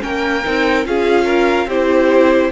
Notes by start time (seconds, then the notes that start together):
0.00 A#3 C#4 A#4 G5
0.45 C4 D#4
0.84 C#4 F4 G#4 F5
1.25 A#4
1.66 C4 E4 G4 C5